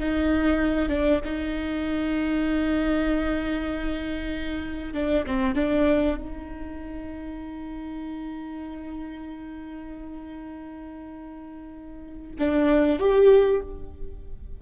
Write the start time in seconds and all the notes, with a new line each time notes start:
0.00 D#4
0.89 D4
1.25 D#4
4.94 D4
5.27 C4
5.56 D4
6.18 D#4
12.39 D4
13.00 G4